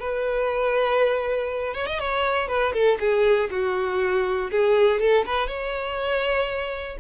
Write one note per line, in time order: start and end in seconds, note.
0.00 1.75 B4
1.75 1.87 C#5
1.87 2.00 D#5
2.00 2.48 C#5
2.48 2.73 B4
2.73 2.98 A4
3.00 3.50 G#4
3.51 4.51 F#4
4.51 5.00 G#4
5.00 5.25 A4
5.26 5.48 B4
5.48 6.98 C#5